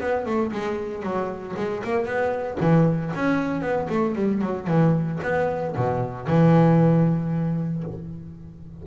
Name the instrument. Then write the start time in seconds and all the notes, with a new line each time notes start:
double bass
0.00 B3
0.26 A3
0.52 G#3
1.02 F#3
1.57 G#3
1.84 A#3
2.06 B3
2.60 E3
3.15 C#4
3.61 B3
3.89 A3
4.15 G3
4.41 F#3
4.67 E3
5.23 B3
5.76 B2
6.27 E3